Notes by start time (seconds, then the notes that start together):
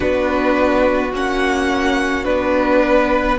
0.00 B3 D4 F#4 B4
1.13 A#3 C#4 F#5
2.24 B3 D4 B4
2.82 B4